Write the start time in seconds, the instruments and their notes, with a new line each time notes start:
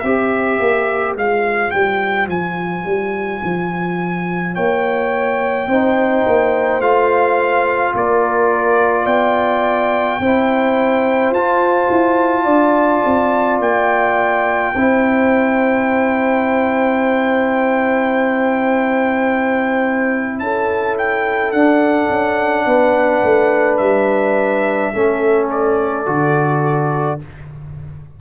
0.00 tuba C4, trombone G4, horn C5, trumpet E5
0.60 tuba A#3
1.15 tuba G#3, trombone F4, trumpet F5
1.71 tuba G3, trumpet G5
2.28 tuba F3, trumpet G#5
2.85 tuba G3
3.44 tuba F3
4.55 tuba A#3, horn C#5, trumpet G5
5.68 tuba C4, trombone D#4, horn C5
6.27 tuba A#3
6.80 tuba A3, trombone F4, trumpet F5
7.95 tuba A#3, horn A#4, trumpet D5
9.03 tuba B3, horn D5, trumpet G5
10.20 tuba C4, trombone E4, horn C5
11.31 tuba F4, trombone F4, trumpet A5
11.90 tuba E4
12.44 tuba D4, horn D5
13.06 tuba C4
13.60 tuba A#3, trumpet G5
14.75 tuba C4, trombone E4, horn C5
20.40 tuba C#4, horn A4, trumpet A5
20.98 trumpet G5
21.52 tuba D4, trombone D4, trumpet F#5
22.09 tuba C#4
22.66 tuba B3, horn B4
23.23 tuba A3
23.77 tuba G3, trumpet E5
24.94 tuba A3, trombone C#4, horn A4
25.51 trumpet D5
26.06 tuba D3, trombone F#4